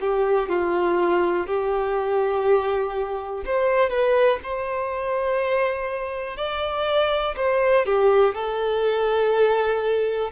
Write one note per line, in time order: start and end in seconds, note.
0.00 0.49 G4
0.49 1.46 F4
1.46 3.43 G4
3.45 3.90 C5
3.90 4.39 B4
4.43 6.37 C5
6.37 7.35 D5
7.36 7.85 C5
7.85 8.34 G4
8.34 10.31 A4